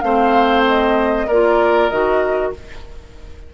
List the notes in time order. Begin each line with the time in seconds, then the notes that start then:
0.00 A3 C4 C5 F5
0.67 D#5
1.27 A#3 F4 A#4 D5
1.89 D#3 F#4 D#5